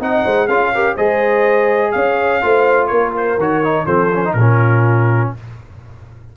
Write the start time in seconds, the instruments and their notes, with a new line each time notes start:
0.00 tuba C4, trombone D#4, horn D#5, trumpet F#5
0.24 tuba G#3, horn C5
0.48 tuba C#4, trombone F4, horn G#4, trumpet F5
0.74 trombone G4, horn A#4
0.95 tuba G#3, trombone G#4, horn C5, trumpet D#5
1.92 tuba C#4, horn C#5, trumpet F5
2.41 tuba A3, trombone F4, horn C5
2.87 tuba A#3, horn A#4, trumpet C#5
3.17 trumpet C5
3.37 tuba D#3, trombone F#4, trumpet C#5
3.63 trombone D#4
3.86 tuba F3, trombone C4, horn A4, trumpet C5
4.14 trombone C#4
4.25 trombone D#4
4.33 tuba A#2, horn F4, trumpet A#4
4.40 trombone C#4